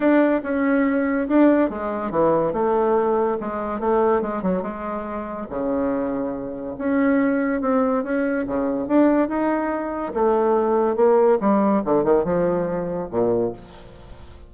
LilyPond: \new Staff \with { instrumentName = "bassoon" } { \time 4/4 \tempo 4 = 142 d'4 cis'2 d'4 | gis4 e4 a2 | gis4 a4 gis8 fis8 gis4~ | gis4 cis2. |
cis'2 c'4 cis'4 | cis4 d'4 dis'2 | a2 ais4 g4 | d8 dis8 f2 ais,4 | }